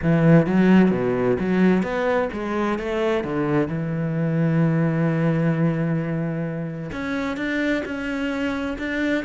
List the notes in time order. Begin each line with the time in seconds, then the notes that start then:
0.02 E3
0.46 F#3
0.91 B2
1.39 F#3
1.82 B3
2.32 G#3
2.79 A3
3.24 D3
3.68 E3
6.92 C#4
7.36 D4
7.85 C#4
8.78 D4